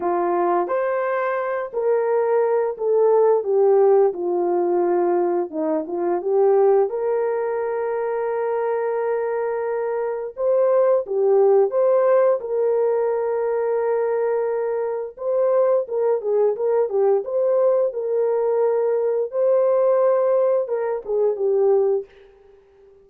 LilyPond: \new Staff \with { instrumentName = "horn" } { \time 4/4 \tempo 4 = 87 f'4 c''4. ais'4. | a'4 g'4 f'2 | dis'8 f'8 g'4 ais'2~ | ais'2. c''4 |
g'4 c''4 ais'2~ | ais'2 c''4 ais'8 gis'8 | ais'8 g'8 c''4 ais'2 | c''2 ais'8 gis'8 g'4 | }